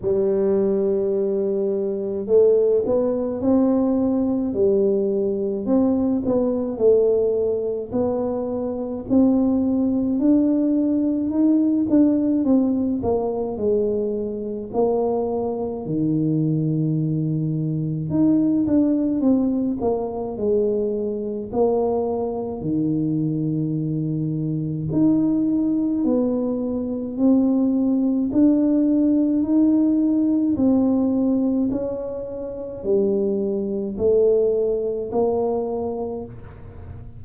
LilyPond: \new Staff \with { instrumentName = "tuba" } { \time 4/4 \tempo 4 = 53 g2 a8 b8 c'4 | g4 c'8 b8 a4 b4 | c'4 d'4 dis'8 d'8 c'8 ais8 | gis4 ais4 dis2 |
dis'8 d'8 c'8 ais8 gis4 ais4 | dis2 dis'4 b4 | c'4 d'4 dis'4 c'4 | cis'4 g4 a4 ais4 | }